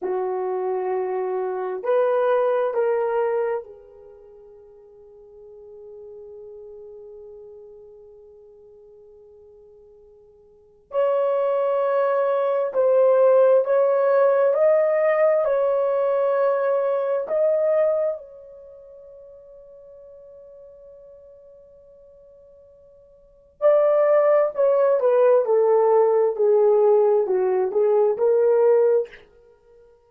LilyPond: \new Staff \with { instrumentName = "horn" } { \time 4/4 \tempo 4 = 66 fis'2 b'4 ais'4 | gis'1~ | gis'1 | cis''2 c''4 cis''4 |
dis''4 cis''2 dis''4 | cis''1~ | cis''2 d''4 cis''8 b'8 | a'4 gis'4 fis'8 gis'8 ais'4 | }